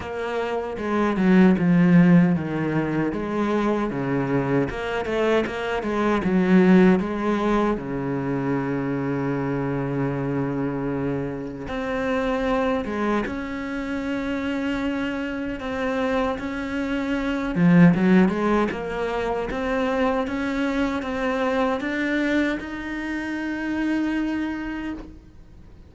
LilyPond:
\new Staff \with { instrumentName = "cello" } { \time 4/4 \tempo 4 = 77 ais4 gis8 fis8 f4 dis4 | gis4 cis4 ais8 a8 ais8 gis8 | fis4 gis4 cis2~ | cis2. c'4~ |
c'8 gis8 cis'2. | c'4 cis'4. f8 fis8 gis8 | ais4 c'4 cis'4 c'4 | d'4 dis'2. | }